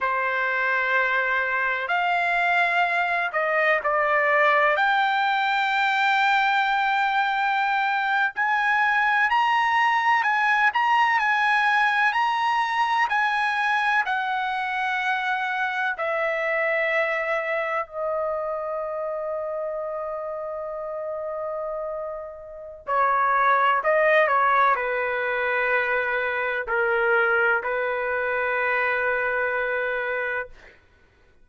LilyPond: \new Staff \with { instrumentName = "trumpet" } { \time 4/4 \tempo 4 = 63 c''2 f''4. dis''8 | d''4 g''2.~ | g''8. gis''4 ais''4 gis''8 ais''8 gis''16~ | gis''8. ais''4 gis''4 fis''4~ fis''16~ |
fis''8. e''2 dis''4~ dis''16~ | dis''1 | cis''4 dis''8 cis''8 b'2 | ais'4 b'2. | }